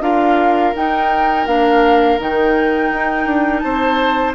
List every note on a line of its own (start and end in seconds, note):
0.00 0.72 D4
0.00 0.73 F4
0.00 3.63 A#4
0.00 0.74 F5
0.75 1.47 D#4
0.75 1.46 D#4
0.75 1.46 G5
1.46 2.18 A#3
1.46 2.19 D4
1.46 2.19 F5
2.19 2.91 D#3
2.19 4.35 D#4
2.19 3.59 G5
2.91 3.25 D#4
3.25 3.62 D4
3.59 4.35 C4
3.59 4.35 C5
3.59 4.31 A5